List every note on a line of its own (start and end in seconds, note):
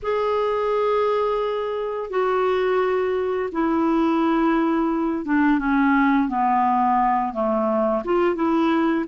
0.02 2.10 G#4
2.10 3.49 F#4
3.51 5.25 E4
5.25 5.58 D4
5.58 6.28 C#4
6.28 7.33 B3
7.33 8.02 A3
8.04 8.35 F4
8.35 9.05 E4